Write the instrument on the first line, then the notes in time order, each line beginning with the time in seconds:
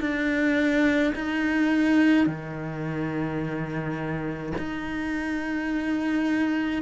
cello
0.00 D4
1.15 D#4
2.26 D#3
4.58 D#4